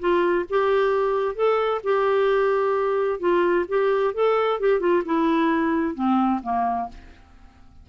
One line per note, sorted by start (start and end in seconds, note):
0.00 0.46 F4
0.50 1.36 G4
1.36 1.82 A4
1.84 3.20 G4
3.20 3.66 F4
3.69 4.15 G4
4.15 4.60 A4
4.61 4.80 G4
4.80 5.03 F4
5.06 5.95 E4
5.95 6.41 C4
6.43 6.89 A#3